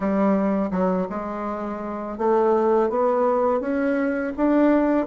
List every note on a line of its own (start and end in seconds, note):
0.00 0.70 G3
0.70 1.06 F#3
1.09 2.18 G#3
2.18 2.89 A3
2.89 3.60 B3
3.60 4.32 C#4
4.36 5.06 D4